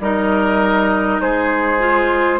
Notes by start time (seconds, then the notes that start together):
0.00 G3 D#4 A#4 D#5
1.21 G#3 G#4 C5
1.80 F4